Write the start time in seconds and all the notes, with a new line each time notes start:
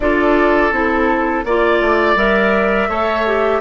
0.00 D4 F4 A4 D5
0.71 C4 E4 A4
1.44 A#3 F4 D5
1.80 A3
2.15 G3 A#4 E5
2.88 A3 A4 C#5
3.26 G4